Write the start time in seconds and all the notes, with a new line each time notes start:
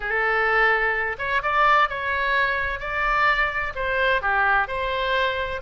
0.00 A4
1.18 C#5
1.42 D5
1.89 C#5
2.79 D5
3.75 C5
4.21 G4
4.67 C5